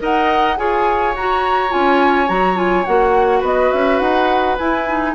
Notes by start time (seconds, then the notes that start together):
0.00 D#4 A#4 D#5 F#5
0.57 F4 G#4 C#5 G#5
1.15 F#4 A#5
1.70 C#4 F4 G#5
2.28 F#3 F#4 A#5
2.56 F4 G#5
2.85 A#3 F#4 F#5
3.40 B3 B4 D#5
3.73 C#4 E5
4.00 D#4 F#5
4.59 E4 G#5
4.88 D#4